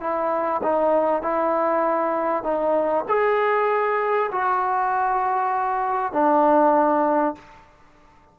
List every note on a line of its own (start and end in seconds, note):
0.00 0.61 E4
0.63 1.22 D#4
1.22 2.43 E4
2.43 3.04 D#4
3.08 4.30 G#4
4.32 6.12 F#4
6.12 7.35 D4